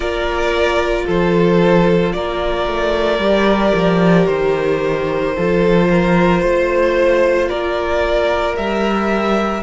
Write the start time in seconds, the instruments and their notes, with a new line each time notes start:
0.00 cello A#3, viola F4, violin A#4 D5
1.06 cello F3, violin A4 C5
2.12 cello A#3, violin A#4 D5
2.67 cello A3
3.18 cello G3, viola G4
3.74 cello F3
4.26 cello D#3, violin C5
5.35 cello F3, viola F4, violin A4
5.89 violin A#4
6.42 cello A3, violin C5
7.48 cello A#3, violin A#4 D5
8.56 cello G3, viola G4, violin E5